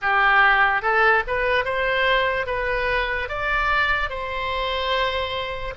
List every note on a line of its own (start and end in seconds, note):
0.01 0.81 G4
0.81 1.23 A4
1.27 1.64 B4
1.64 2.46 C5
2.46 3.28 B4
3.28 4.09 D5
4.09 5.73 C5